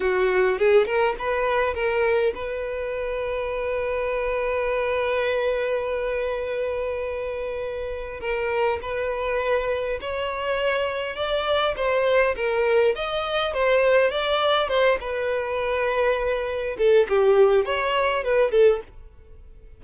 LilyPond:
\new Staff \with { instrumentName = "violin" } { \time 4/4 \tempo 4 = 102 fis'4 gis'8 ais'8 b'4 ais'4 | b'1~ | b'1~ | b'2 ais'4 b'4~ |
b'4 cis''2 d''4 | c''4 ais'4 dis''4 c''4 | d''4 c''8 b'2~ b'8~ | b'8 a'8 g'4 cis''4 b'8 a'8 | }